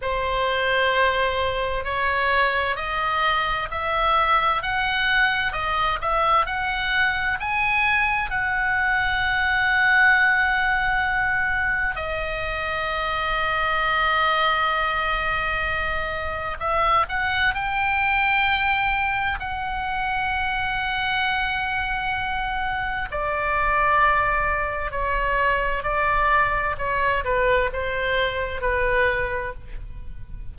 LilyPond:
\new Staff \with { instrumentName = "oboe" } { \time 4/4 \tempo 4 = 65 c''2 cis''4 dis''4 | e''4 fis''4 dis''8 e''8 fis''4 | gis''4 fis''2.~ | fis''4 dis''2.~ |
dis''2 e''8 fis''8 g''4~ | g''4 fis''2.~ | fis''4 d''2 cis''4 | d''4 cis''8 b'8 c''4 b'4 | }